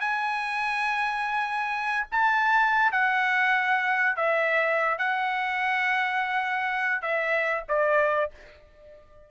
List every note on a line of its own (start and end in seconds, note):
0.00 2.07 G#5
2.11 2.92 A5
2.92 4.16 F#5
4.16 4.98 E5
4.98 7.02 F#5
7.02 7.64 E5
7.69 8.31 D5